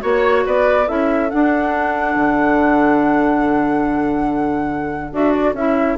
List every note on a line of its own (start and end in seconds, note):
0.00 0.45 A#3
0.00 0.85 F#4
0.00 0.44 C#5
0.00 0.46 C#5
0.46 0.89 B3
0.46 0.88 B4
0.46 0.88 D5
0.87 1.31 C#4
0.87 1.29 E4
0.87 5.98 A4
0.87 1.30 E5
1.29 5.12 D4
1.29 2.16 D4
1.29 5.13 F#5
2.16 5.12 D3
5.12 5.53 D4
5.12 5.55 F#4
5.12 5.32 E5
5.32 5.54 D5
5.53 5.96 C#4
5.53 5.98 E4
5.53 5.98 E5